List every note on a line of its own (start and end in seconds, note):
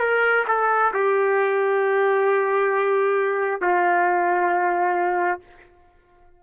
0.00 0.45 A#4
0.48 0.93 A4
0.94 3.62 G4
3.62 5.41 F4